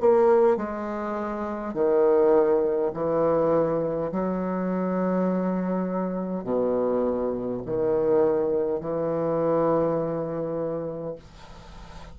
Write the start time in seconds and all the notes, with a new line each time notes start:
0.00 A#3
0.57 G#3
1.74 D#3
2.94 E3
4.12 F#3
6.44 B2
7.66 D#3
8.80 E3